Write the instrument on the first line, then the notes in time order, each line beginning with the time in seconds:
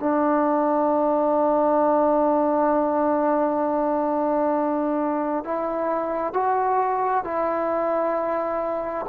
trombone
0.00 D4
5.45 E4
6.34 F#4
7.24 E4